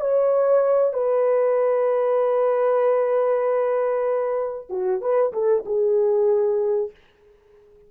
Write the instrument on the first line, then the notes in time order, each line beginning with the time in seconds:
horn
0.00 C#5
0.93 B4
4.69 F#4
5.01 B4
5.32 A4
5.65 G#4